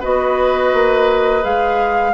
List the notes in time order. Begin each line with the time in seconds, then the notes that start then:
0.00 B3 F#4 B4 D#5
0.74 A#3
1.41 G#3 G#4 F5